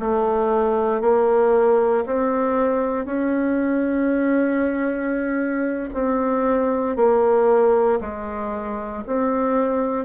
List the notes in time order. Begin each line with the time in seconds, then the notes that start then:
0.00 A3
1.01 A#3
2.05 C4
3.06 C#4
5.94 C4
6.96 A#3
8.00 G#3
9.07 C4